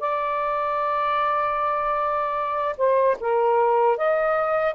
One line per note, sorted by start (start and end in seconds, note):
0.00 2.76 D5
2.78 3.17 C5
3.20 3.98 A#4
3.98 4.75 D#5